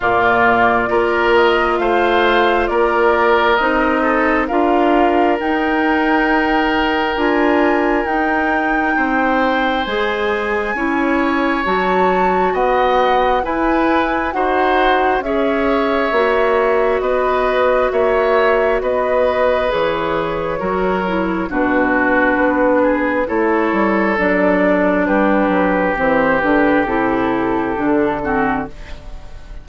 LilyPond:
<<
  \new Staff \with { instrumentName = "flute" } { \time 4/4 \tempo 4 = 67 d''4. dis''8 f''4 d''4 | dis''4 f''4 g''2 | gis''4 g''2 gis''4~ | gis''4 a''4 fis''4 gis''4 |
fis''4 e''2 dis''4 | e''4 dis''4 cis''2 | b'2 cis''4 d''4 | b'4 c''8 b'8 a'2 | }
  \new Staff \with { instrumentName = "oboe" } { \time 4/4 f'4 ais'4 c''4 ais'4~ | ais'8 a'8 ais'2.~ | ais'2 c''2 | cis''2 dis''4 b'4 |
c''4 cis''2 b'4 | cis''4 b'2 ais'4 | fis'4. gis'8 a'2 | g'2.~ g'8 fis'8 | }
  \new Staff \with { instrumentName = "clarinet" } { \time 4/4 ais4 f'2. | dis'4 f'4 dis'2 | f'4 dis'2 gis'4 | e'4 fis'2 e'4 |
fis'4 gis'4 fis'2~ | fis'2 gis'4 fis'8 e'8 | d'2 e'4 d'4~ | d'4 c'8 d'8 e'4 d'8 c'8 | }
  \new Staff \with { instrumentName = "bassoon" } { \time 4/4 ais,4 ais4 a4 ais4 | c'4 d'4 dis'2 | d'4 dis'4 c'4 gis4 | cis'4 fis4 b4 e'4 |
dis'4 cis'4 ais4 b4 | ais4 b4 e4 fis4 | b,4 b4 a8 g8 fis4 | g8 fis8 e8 d8 c4 d4 | }
>>